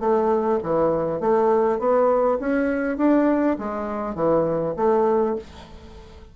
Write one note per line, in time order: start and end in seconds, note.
0.00 0.59 A3
0.63 1.20 E3
1.20 1.79 A3
1.79 2.39 B3
2.40 2.98 C#4
2.98 3.57 D4
3.59 4.15 G#3
4.15 4.75 E3
4.76 5.36 A3